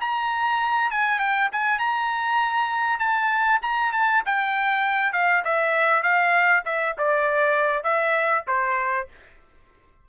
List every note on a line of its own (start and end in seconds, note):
0.00 0.91 A#5
0.91 1.19 G#5
1.19 1.49 G5
1.52 1.79 G#5
1.79 2.99 A#5
2.99 3.60 A5
3.62 3.92 A#5
3.93 4.23 A5
4.26 5.13 G5
5.13 5.43 F5
5.44 6.02 E5
6.02 6.63 F5
6.65 6.96 E5
6.98 7.83 D5
7.83 8.44 E5
8.47 9.08 C5